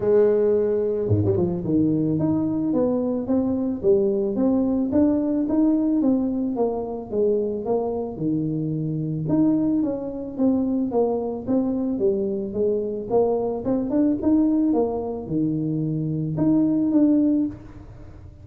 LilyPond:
\new Staff \with { instrumentName = "tuba" } { \time 4/4 \tempo 4 = 110 gis2 gis,16 g16 f8 dis4 | dis'4 b4 c'4 g4 | c'4 d'4 dis'4 c'4 | ais4 gis4 ais4 dis4~ |
dis4 dis'4 cis'4 c'4 | ais4 c'4 g4 gis4 | ais4 c'8 d'8 dis'4 ais4 | dis2 dis'4 d'4 | }